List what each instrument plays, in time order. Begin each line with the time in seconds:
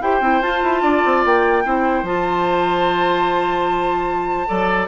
0.00 bassoon E4, clarinet G4, oboe C5, flute G5
0.20 bassoon C4, clarinet E4
0.41 bassoon F4, clarinet F4, flute A5
0.62 bassoon E4
0.81 bassoon D4, oboe D5
1.04 bassoon C4
1.25 bassoon A#3, flute G5
1.64 bassoon C4, clarinet E4, oboe C5
2.02 bassoon F3, clarinet F4, flute A5
4.47 bassoon F#3, clarinet A4, oboe D5